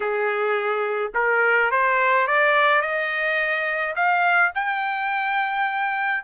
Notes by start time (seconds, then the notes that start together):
0.00 G#4
1.14 A#4
1.71 C5
2.27 D5
2.81 D#5
3.95 F5
4.55 G5